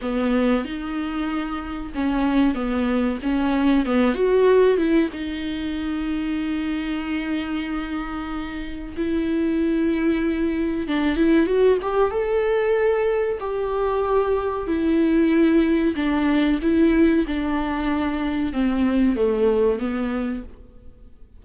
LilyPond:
\new Staff \with { instrumentName = "viola" } { \time 4/4 \tempo 4 = 94 b4 dis'2 cis'4 | b4 cis'4 b8 fis'4 e'8 | dis'1~ | dis'2 e'2~ |
e'4 d'8 e'8 fis'8 g'8 a'4~ | a'4 g'2 e'4~ | e'4 d'4 e'4 d'4~ | d'4 c'4 a4 b4 | }